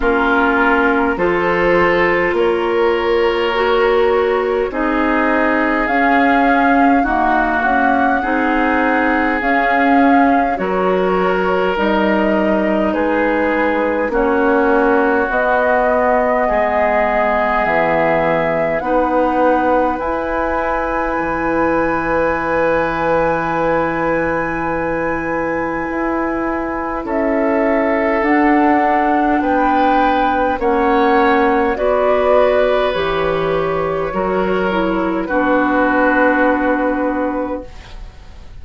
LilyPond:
<<
  \new Staff \with { instrumentName = "flute" } { \time 4/4 \tempo 4 = 51 ais'4 c''4 cis''2 | dis''4 f''4 fis''2 | f''4 cis''4 dis''4 b'4 | cis''4 dis''2 e''4 |
fis''4 gis''2.~ | gis''2. e''4 | fis''4 g''4 fis''4 d''4 | cis''2 b'2 | }
  \new Staff \with { instrumentName = "oboe" } { \time 4/4 f'4 a'4 ais'2 | gis'2 fis'4 gis'4~ | gis'4 ais'2 gis'4 | fis'2 gis'2 |
b'1~ | b'2. a'4~ | a'4 b'4 cis''4 b'4~ | b'4 ais'4 fis'2 | }
  \new Staff \with { instrumentName = "clarinet" } { \time 4/4 cis'4 f'2 fis'4 | dis'4 cis'4 ais4 dis'4 | cis'4 fis'4 dis'2 | cis'4 b2. |
dis'4 e'2.~ | e'1 | d'2 cis'4 fis'4 | g'4 fis'8 e'8 d'2 | }
  \new Staff \with { instrumentName = "bassoon" } { \time 4/4 ais4 f4 ais2 | c'4 cis'4 dis'8 cis'8 c'4 | cis'4 fis4 g4 gis4 | ais4 b4 gis4 e4 |
b4 e'4 e2~ | e2 e'4 cis'4 | d'4 b4 ais4 b4 | e4 fis4 b2 | }
>>